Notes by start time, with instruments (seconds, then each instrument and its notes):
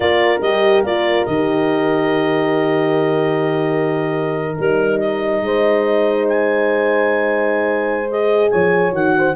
0.00 tuba A#3, horn F4 A#4, clarinet D5
0.40 tuba G3, horn G4, clarinet D#5
0.82 tuba A#3, horn F4, clarinet D5
1.25 tuba D#3, horn G4, clarinet D#5
4.54 tuba G3, horn D#4, clarinet A#4
4.99 clarinet D#5
5.41 tuba G#3, horn C5
6.28 clarinet G#5
8.10 horn G#4, clarinet D#5
8.50 tuba F3, horn C#5, clarinet G#5
8.91 tuba D#3, horn F#4, clarinet F#5
9.17 horn C5